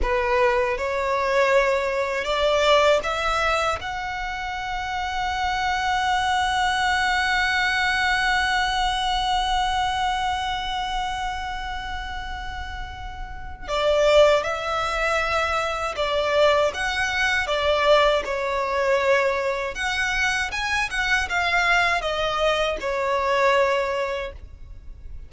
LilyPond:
\new Staff \with { instrumentName = "violin" } { \time 4/4 \tempo 4 = 79 b'4 cis''2 d''4 | e''4 fis''2.~ | fis''1~ | fis''1~ |
fis''2 d''4 e''4~ | e''4 d''4 fis''4 d''4 | cis''2 fis''4 gis''8 fis''8 | f''4 dis''4 cis''2 | }